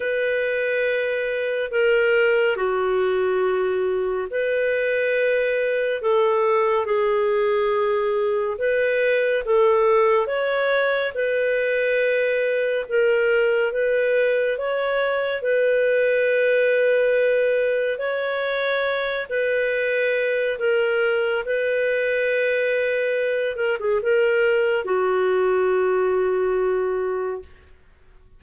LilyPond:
\new Staff \with { instrumentName = "clarinet" } { \time 4/4 \tempo 4 = 70 b'2 ais'4 fis'4~ | fis'4 b'2 a'4 | gis'2 b'4 a'4 | cis''4 b'2 ais'4 |
b'4 cis''4 b'2~ | b'4 cis''4. b'4. | ais'4 b'2~ b'8 ais'16 gis'16 | ais'4 fis'2. | }